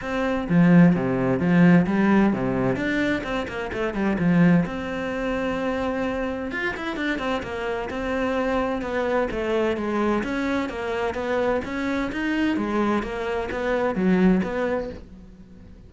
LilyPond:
\new Staff \with { instrumentName = "cello" } { \time 4/4 \tempo 4 = 129 c'4 f4 c4 f4 | g4 c4 d'4 c'8 ais8 | a8 g8 f4 c'2~ | c'2 f'8 e'8 d'8 c'8 |
ais4 c'2 b4 | a4 gis4 cis'4 ais4 | b4 cis'4 dis'4 gis4 | ais4 b4 fis4 b4 | }